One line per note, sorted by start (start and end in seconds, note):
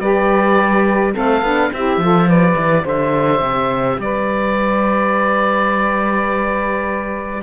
0.00 1.14 G3
0.00 1.15 G4
0.00 1.13 B4
0.00 1.15 D5
1.13 1.42 A3
1.13 1.43 C4
1.13 1.71 A4
1.13 1.74 F5
1.42 1.71 B3
1.42 1.74 D4
1.73 1.98 C4
1.73 2.02 E4
1.73 2.03 G4
1.73 2.30 E5
1.98 2.55 F3
1.98 2.30 F4
1.98 2.27 A4
2.27 7.44 G4
2.27 2.84 B4
2.27 2.87 D5
2.56 2.85 E3
2.84 3.41 D3
2.84 3.98 C5
2.84 4.01 E5
3.41 3.98 C3
3.99 7.42 G3
3.99 7.44 B4
3.99 7.44 D5